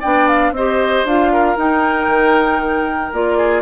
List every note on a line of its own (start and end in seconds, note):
0.00 0.52 B3
0.00 0.54 D4
0.00 0.52 D5
0.00 0.28 G5
0.28 0.54 F5
0.52 1.03 C4
0.52 1.33 C5
0.52 1.06 D#5
0.58 1.07 G4
1.05 1.56 D4
1.05 1.57 F4
1.05 1.58 F5
1.33 3.38 A#4
1.57 3.12 D#4
1.57 2.07 D#4
1.57 3.14 G5
2.07 3.11 D#3
3.13 3.62 A#3
3.13 3.62 F4
3.13 3.62 D5
3.38 3.62 G#4